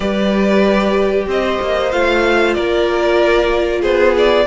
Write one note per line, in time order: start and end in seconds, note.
0.00 1.26 G3
0.00 1.89 G4
0.00 1.26 B4
0.00 1.27 D5
1.27 1.59 C4
1.27 2.56 C5
1.27 1.91 D#5
1.61 1.93 A#3
1.91 2.57 A3
1.91 4.46 F4
1.91 2.54 F5
2.54 3.83 A#3
2.54 3.81 A#4
2.54 3.81 D5
3.81 4.47 B3
3.81 4.45 G#4
3.81 4.14 C5
4.18 4.47 D5